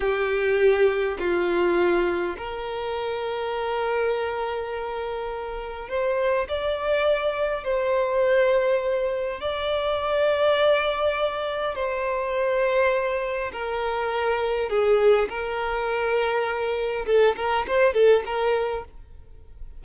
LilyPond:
\new Staff \with { instrumentName = "violin" } { \time 4/4 \tempo 4 = 102 g'2 f'2 | ais'1~ | ais'2 c''4 d''4~ | d''4 c''2. |
d''1 | c''2. ais'4~ | ais'4 gis'4 ais'2~ | ais'4 a'8 ais'8 c''8 a'8 ais'4 | }